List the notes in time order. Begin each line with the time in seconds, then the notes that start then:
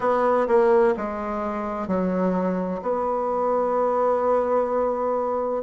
0.00 B3
0.47 A#3
0.96 G#3
1.87 F#3
2.81 B3